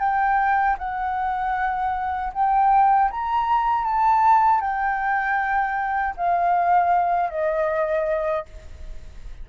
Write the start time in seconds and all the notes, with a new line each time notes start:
0.00 G5
0.79 F#5
2.34 G5
3.11 A#5
3.85 A5
4.61 G5
6.17 F5
7.30 D#5